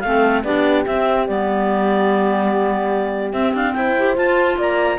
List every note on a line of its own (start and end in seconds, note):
0.00 0.44 A3
0.00 0.44 C4
0.00 0.41 F5
0.07 0.45 A4
0.44 0.85 B3
0.44 0.86 D4
0.44 3.76 G4
0.44 0.85 D5
0.86 1.28 C4
0.86 1.27 E5
1.27 3.33 G3
1.27 3.34 B3
1.27 3.33 D5
3.33 3.53 C4
3.33 3.96 C4
3.33 3.53 E5
3.54 3.75 D4
3.54 3.73 F5
3.73 4.17 E4
3.73 4.58 C5
3.73 4.15 G5
3.98 4.16 G4
4.16 4.99 F4
4.16 4.57 F4
4.16 4.58 A5
4.57 4.98 A#3
4.57 4.99 D5
4.57 4.99 A#5